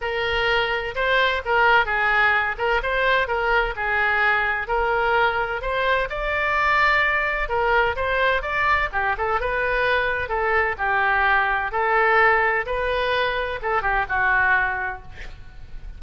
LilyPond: \new Staff \with { instrumentName = "oboe" } { \time 4/4 \tempo 4 = 128 ais'2 c''4 ais'4 | gis'4. ais'8 c''4 ais'4 | gis'2 ais'2 | c''4 d''2. |
ais'4 c''4 d''4 g'8 a'8 | b'2 a'4 g'4~ | g'4 a'2 b'4~ | b'4 a'8 g'8 fis'2 | }